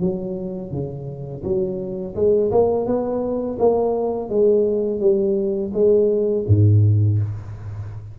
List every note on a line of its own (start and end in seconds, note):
0.00 0.71 F#3
0.71 1.43 C#3
1.44 2.15 F#3
2.15 2.51 G#3
2.51 2.86 A#3
2.86 3.58 B3
3.59 4.29 A#3
4.29 5.00 G#3
5.00 5.72 G3
5.73 6.45 G#3
6.47 7.19 G#2